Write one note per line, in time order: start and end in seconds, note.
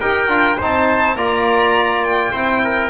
0.00 0.28 D#4
0.00 0.28 G4
0.00 0.57 A#4
0.00 0.58 G5
0.28 0.57 D4
0.28 0.57 F4
0.57 1.15 C4
0.57 1.17 D#4
0.57 1.15 C5
0.57 1.17 A5
1.15 2.32 A#3
1.15 2.33 F4
1.15 2.32 D5
1.15 2.04 A#5
2.04 2.89 G5
2.32 2.89 C4
2.32 2.89 E4
2.32 2.61 C5
2.64 2.89 A#4